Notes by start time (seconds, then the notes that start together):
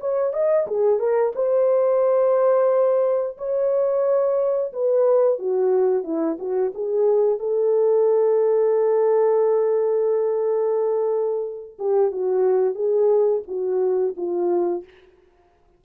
0.00 C#5
0.33 D#5
0.67 G#4
0.99 A#4
1.35 C5
3.38 C#5
4.73 B4
5.39 F#4
6.03 E4
6.39 F#4
6.74 G#4
7.39 A4
11.79 G4
12.12 F#4
12.75 G#4
13.47 F#4
14.17 F4